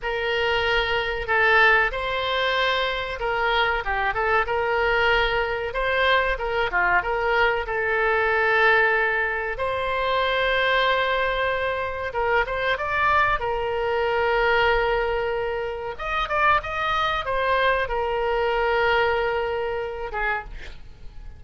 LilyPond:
\new Staff \with { instrumentName = "oboe" } { \time 4/4 \tempo 4 = 94 ais'2 a'4 c''4~ | c''4 ais'4 g'8 a'8 ais'4~ | ais'4 c''4 ais'8 f'8 ais'4 | a'2. c''4~ |
c''2. ais'8 c''8 | d''4 ais'2.~ | ais'4 dis''8 d''8 dis''4 c''4 | ais'2.~ ais'8 gis'8 | }